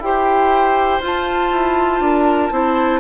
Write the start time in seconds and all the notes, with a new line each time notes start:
0.00 E4 G4 C5 G5
1.00 F4
1.06 A5
1.52 E4
2.00 D4 A#4
2.51 C4 E4 C5